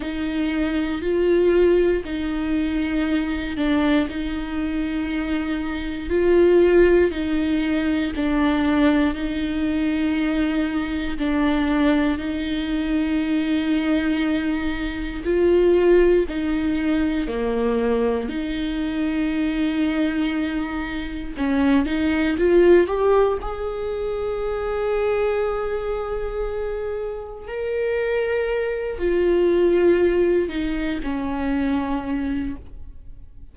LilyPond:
\new Staff \with { instrumentName = "viola" } { \time 4/4 \tempo 4 = 59 dis'4 f'4 dis'4. d'8 | dis'2 f'4 dis'4 | d'4 dis'2 d'4 | dis'2. f'4 |
dis'4 ais4 dis'2~ | dis'4 cis'8 dis'8 f'8 g'8 gis'4~ | gis'2. ais'4~ | ais'8 f'4. dis'8 cis'4. | }